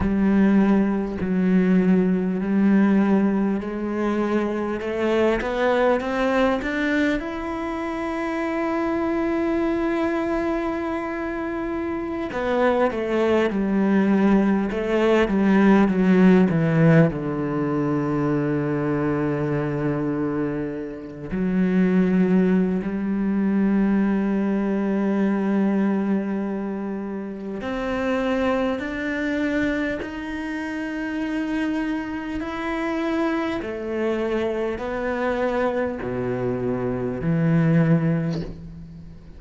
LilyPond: \new Staff \with { instrumentName = "cello" } { \time 4/4 \tempo 4 = 50 g4 fis4 g4 gis4 | a8 b8 c'8 d'8 e'2~ | e'2~ e'16 b8 a8 g8.~ | g16 a8 g8 fis8 e8 d4.~ d16~ |
d4.~ d16 fis4~ fis16 g4~ | g2. c'4 | d'4 dis'2 e'4 | a4 b4 b,4 e4 | }